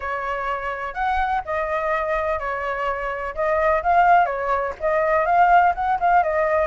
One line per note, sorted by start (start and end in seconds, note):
0.00 0.94 C#5
0.94 1.41 F#5
1.45 2.39 D#5
2.39 3.34 C#5
3.34 3.82 D#5
3.82 4.25 F5
4.25 4.73 C#5
4.79 5.25 D#5
5.25 5.73 F5
5.74 5.98 F#5
6.00 6.23 F5
6.23 6.67 D#5